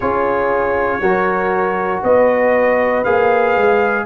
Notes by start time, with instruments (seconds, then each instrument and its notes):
0.00 tuba C#4, trombone F4, horn G#4, trumpet C#5
1.00 tuba F#3, trombone F#4, horn A#4
2.03 tuba B3, horn B4, trumpet D#5
3.04 tuba A#3, trombone G#4, trumpet F5
3.56 tuba G#3